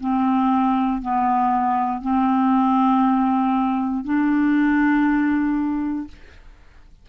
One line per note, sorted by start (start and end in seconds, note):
0.00 1.01 C4
1.01 2.01 B3
2.01 4.04 C4
4.04 6.07 D4